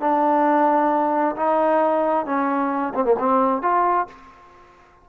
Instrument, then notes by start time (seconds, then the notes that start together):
trombone
0.00 D4
1.36 D#4
2.25 C#4
2.94 C4
3.04 A#3
3.19 C4
3.62 F4